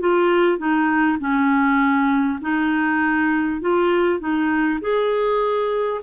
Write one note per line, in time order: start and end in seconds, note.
0.00 0.58 F4
0.58 1.18 D#4
1.19 2.39 C#4
2.41 3.61 D#4
3.61 4.20 F4
4.20 4.80 D#4
4.81 6.01 G#4